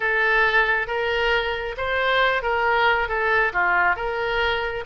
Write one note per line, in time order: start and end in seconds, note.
0.00 0.87 A4
0.87 1.75 A#4
1.77 2.42 C5
2.42 3.08 A#4
3.08 3.52 A4
3.52 3.96 F4
3.96 4.84 A#4